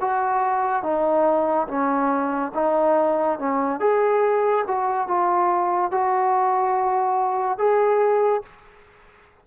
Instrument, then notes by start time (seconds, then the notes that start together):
trombone
0.00 F#4
0.83 D#4
1.67 C#4
2.54 D#4
3.38 C#4
3.80 G#4
4.67 F#4
5.07 F4
5.91 F#4
7.57 G#4